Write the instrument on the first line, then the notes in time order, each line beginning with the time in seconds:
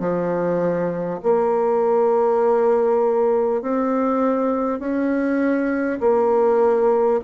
bassoon
0.00 F3
1.23 A#3
3.62 C4
4.79 C#4
6.01 A#3